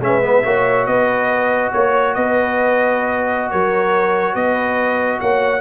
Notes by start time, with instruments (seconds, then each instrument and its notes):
0.00 tuba G#3, trombone C#4, horn B4, trumpet E5
0.22 trombone B3
0.43 tuba A#3, trombone F#4, horn C#5
0.86 tuba B3, horn B4, trumpet D#5
1.73 tuba A#3, trumpet C#5, horn C#5
2.14 tuba B3, horn B4, trumpet D#5
3.51 tuba F#3, horn A#4, trumpet C#5
4.34 tuba B3, horn B4, trumpet D#5
5.20 tuba A#3, horn C#5, trumpet F#5